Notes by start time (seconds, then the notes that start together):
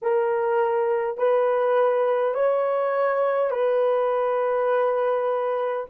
0.02 A#4
1.17 B4
2.34 C#5
3.50 B4